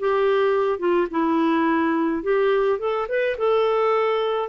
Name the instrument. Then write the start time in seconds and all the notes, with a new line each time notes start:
clarinet
0.00 G4
0.80 F4
1.11 E4
2.23 G4
2.80 A4
3.09 B4
3.38 A4